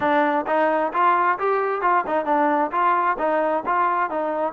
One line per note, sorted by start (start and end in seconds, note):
0.00 0.45 D4
0.46 0.92 D#4
0.93 1.38 F4
1.39 1.81 G4
1.81 2.04 F4
2.06 2.25 D#4
2.25 2.70 D4
2.71 3.17 F4
3.18 3.63 D#4
3.66 4.10 F4
4.10 4.52 D#4